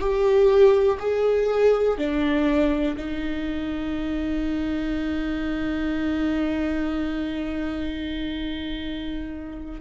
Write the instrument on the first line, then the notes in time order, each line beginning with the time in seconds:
viola
0.00 G4
0.99 G#4
1.98 D4
2.97 D#4